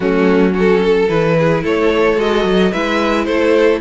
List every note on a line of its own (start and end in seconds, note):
0.00 1.08 F#3
0.00 0.52 A3
0.00 0.53 C#4
0.00 0.54 F#4
0.52 1.06 C#4
0.52 0.80 F#4
0.58 1.09 A4
0.82 1.37 A4
1.09 1.63 E3
1.09 2.16 E4
1.09 1.63 B4
1.38 1.63 G#4
1.63 2.16 A3
1.63 2.71 A4
1.63 2.20 C#5
2.16 2.44 G#3
2.16 2.71 F#4
2.16 2.72 D#5
2.44 2.71 F#3
2.71 3.26 G#3
2.71 3.81 E4
2.71 3.26 B4
2.71 3.24 E5
3.24 3.81 A3
3.24 3.81 A4
3.24 3.79 C5